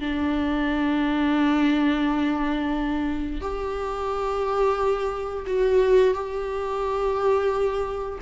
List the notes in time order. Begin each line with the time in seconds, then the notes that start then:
0.00 D4
3.41 G4
5.47 F#4
6.14 G4